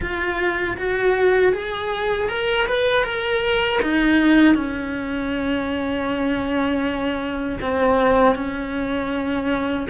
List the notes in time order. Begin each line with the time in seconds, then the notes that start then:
0.00 F4
0.77 F#4
1.52 G#4
2.29 A#4
2.67 B4
3.03 A#4
3.82 D#4
4.55 C#4
7.61 C4
8.35 C#4